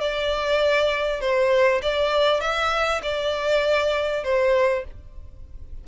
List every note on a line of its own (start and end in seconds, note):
0.00 1.20 D5
1.20 1.81 C5
1.82 2.40 D5
2.40 3.01 E5
3.02 4.23 D5
4.23 4.84 C5